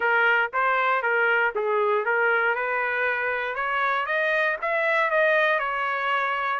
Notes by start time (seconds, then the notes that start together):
0.00 A#4
0.53 C5
1.02 A#4
1.55 G#4
2.05 A#4
2.55 B4
3.55 C#5
4.05 D#5
4.61 E5
5.10 D#5
5.59 C#5